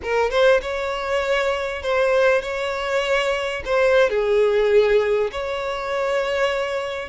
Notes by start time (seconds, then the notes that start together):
0.02 A#4
0.30 C5
0.61 C#5
1.82 C5
2.41 C#5
3.65 C5
4.09 G#4
5.31 C#5